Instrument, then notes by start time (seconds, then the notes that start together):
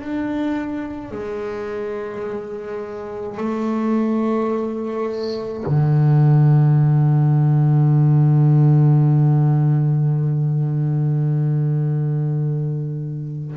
double bass
0.00 D4
1.11 G#3
3.38 A3
5.66 D3